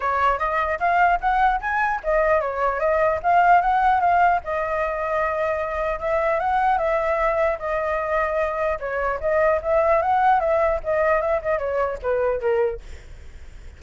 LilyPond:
\new Staff \with { instrumentName = "flute" } { \time 4/4 \tempo 4 = 150 cis''4 dis''4 f''4 fis''4 | gis''4 dis''4 cis''4 dis''4 | f''4 fis''4 f''4 dis''4~ | dis''2. e''4 |
fis''4 e''2 dis''4~ | dis''2 cis''4 dis''4 | e''4 fis''4 e''4 dis''4 | e''8 dis''8 cis''4 b'4 ais'4 | }